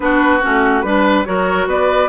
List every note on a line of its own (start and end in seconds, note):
0.00 0.41 B3
0.00 0.40 D4
0.00 0.85 F#4
0.00 0.40 B4
0.40 0.83 A3
0.40 0.83 C#4
0.40 0.81 F#4
0.81 1.25 G3
0.81 1.24 D4
0.81 1.23 B4
0.81 1.27 B4
1.24 1.66 F#3
1.24 2.08 F#4
1.24 1.68 A#4
1.24 1.67 C#5
1.66 2.08 B3
1.66 2.08 B4
1.66 2.08 D5